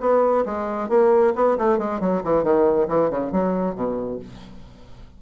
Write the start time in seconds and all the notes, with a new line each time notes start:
0.00 B3
0.45 G#3
0.89 A#3
1.35 B3
1.58 A3
1.78 G#3
2.00 F#3
2.24 E3
2.43 D#3
2.88 E3
3.10 C#3
3.31 F#3
3.75 B2